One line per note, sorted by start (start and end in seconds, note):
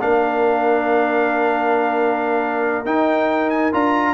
0.00 2.86 A#3
0.00 2.86 D4
0.00 4.15 A#4
0.00 2.86 F5
2.86 3.73 D#4
2.86 3.50 G5
3.50 3.72 G#5
3.73 4.15 D4
3.73 4.15 F4
3.73 4.15 A#5